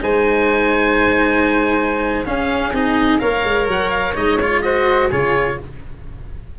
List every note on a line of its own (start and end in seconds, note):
0.00 2.26 G#3
0.00 2.24 D#4
0.00 2.27 C5
0.00 2.26 G#5
2.25 2.73 C#4
2.25 2.72 C#4
2.25 3.21 G#4
2.25 2.73 F5
2.72 3.19 C4
2.72 3.19 D#4
2.72 3.19 D#5
3.19 3.44 A#3
3.19 4.14 A#4
3.19 4.63 C#5
3.19 3.67 F5
3.44 3.67 G#3
3.67 4.14 F#3
3.67 3.90 F#5
3.90 4.14 F5
4.15 5.10 G#3
4.15 4.38 D#4
4.15 4.40 D#5
4.40 4.64 F4
4.40 4.61 C#5
4.61 5.11 F#4
4.61 5.09 C5
4.61 5.09 D#5
5.09 5.59 C#3
5.09 5.59 F4
5.09 5.56 G#4
5.09 5.59 C#5